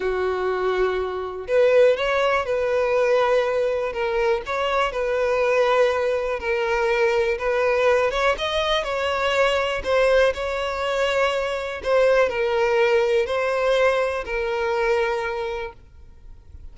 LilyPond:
\new Staff \with { instrumentName = "violin" } { \time 4/4 \tempo 4 = 122 fis'2. b'4 | cis''4 b'2. | ais'4 cis''4 b'2~ | b'4 ais'2 b'4~ |
b'8 cis''8 dis''4 cis''2 | c''4 cis''2. | c''4 ais'2 c''4~ | c''4 ais'2. | }